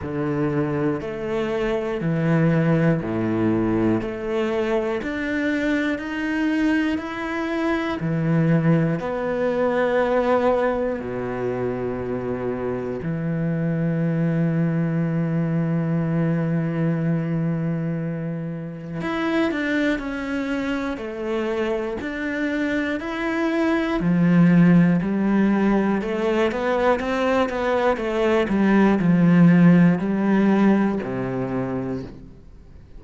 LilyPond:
\new Staff \with { instrumentName = "cello" } { \time 4/4 \tempo 4 = 60 d4 a4 e4 a,4 | a4 d'4 dis'4 e'4 | e4 b2 b,4~ | b,4 e2.~ |
e2. e'8 d'8 | cis'4 a4 d'4 e'4 | f4 g4 a8 b8 c'8 b8 | a8 g8 f4 g4 c4 | }